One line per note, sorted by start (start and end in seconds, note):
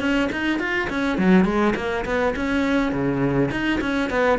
0.00 0.29 C#4
0.32 0.59 D#4
0.59 0.88 F4
0.90 1.18 C#4
1.18 1.45 F#3
1.45 1.74 G#3
1.76 2.05 A#3
2.05 2.34 B3
2.36 2.92 C#4
2.92 3.50 C#3
3.51 3.80 D#4
3.81 4.10 C#4
4.10 4.39 B3